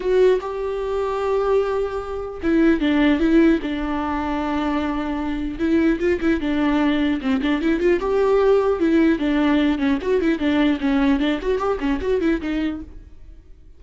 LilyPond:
\new Staff \with { instrumentName = "viola" } { \time 4/4 \tempo 4 = 150 fis'4 g'2.~ | g'2 e'4 d'4 | e'4 d'2.~ | d'2 e'4 f'8 e'8 |
d'2 c'8 d'8 e'8 f'8 | g'2 e'4 d'4~ | d'8 cis'8 fis'8 e'8 d'4 cis'4 | d'8 fis'8 g'8 cis'8 fis'8 e'8 dis'4 | }